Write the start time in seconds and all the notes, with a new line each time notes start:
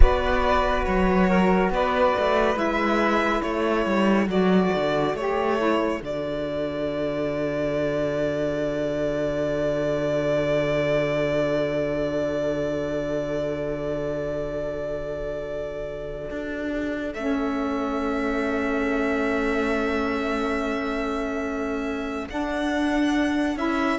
0.00 B3 F#4 B4 D5
0.84 F#3 C#5
1.29 A#4
1.70 B3 B4 D5
2.18 A3
2.54 G#3 E4 E5
3.41 A3 A4 C#5
3.85 G3
4.27 F#3 F#4 D5
4.75 D3
5.13 A3 G4 C#5
5.57 E4
5.98 D3 F#4
6.04 D5
16.30 D4
17.13 A3 C#4 E5
22.29 D4 F#5
23.56 C#4 E4 E5